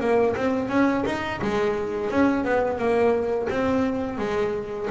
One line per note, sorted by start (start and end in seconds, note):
0.00 0.35 A#3
0.36 0.69 C4
0.69 1.04 C#4
1.06 1.40 D#4
1.42 2.10 G#3
2.10 2.45 C#4
2.45 2.78 B3
2.78 3.48 A#3
3.50 4.18 C4
4.18 4.88 G#3